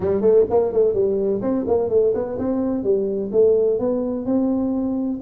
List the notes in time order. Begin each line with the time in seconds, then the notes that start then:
0.00 G3
0.21 A3
0.50 A#3
0.72 A3
0.93 G3
1.41 C4
1.67 A#3
1.89 A3
2.14 B3
2.38 C4
2.83 G3
3.32 A3
3.79 B3
4.25 C4